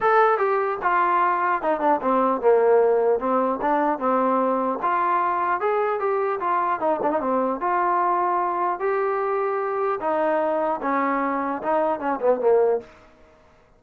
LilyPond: \new Staff \with { instrumentName = "trombone" } { \time 4/4 \tempo 4 = 150 a'4 g'4 f'2 | dis'8 d'8 c'4 ais2 | c'4 d'4 c'2 | f'2 gis'4 g'4 |
f'4 dis'8 d'16 dis'16 c'4 f'4~ | f'2 g'2~ | g'4 dis'2 cis'4~ | cis'4 dis'4 cis'8 b8 ais4 | }